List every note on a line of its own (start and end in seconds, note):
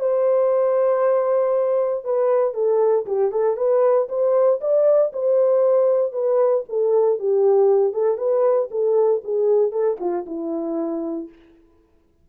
0.00 2.04 C5
2.04 2.54 B4
2.54 3.06 A4
3.06 3.32 G4
3.32 3.57 A4
3.57 4.08 B4
4.09 4.60 C5
4.61 5.12 D5
5.13 6.13 C5
6.13 6.64 B4
6.69 7.19 A4
7.19 7.93 G4
7.93 8.17 A4
8.17 8.69 B4
8.71 9.22 A4
9.24 9.72 G#4
9.72 9.97 A4
10.00 10.26 F4
10.26 11.29 E4